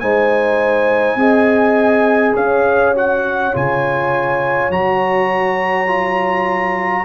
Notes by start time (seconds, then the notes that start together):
0.00 G#3 D#4 C5 G#5
1.16 C4 G#4 D#5
2.35 C#4 C#5 F5
2.95 F#4 F#5
3.53 C#3 F4 G#5
4.70 F#3 F#4 A#5
5.87 F4